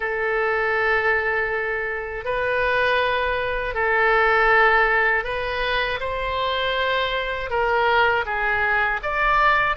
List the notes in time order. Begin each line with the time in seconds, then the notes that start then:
0.00 A4
2.24 B4
3.74 A4
5.24 B4
6.00 C5
7.50 A#4
8.25 G#4
9.02 D5